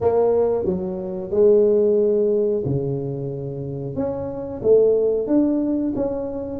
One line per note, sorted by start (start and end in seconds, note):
0.00 0.64 A#3
0.64 1.30 F#3
1.30 2.62 G#3
2.65 3.95 C#3
3.95 4.61 C#4
4.62 5.27 A3
5.27 5.93 D4
5.95 6.59 C#4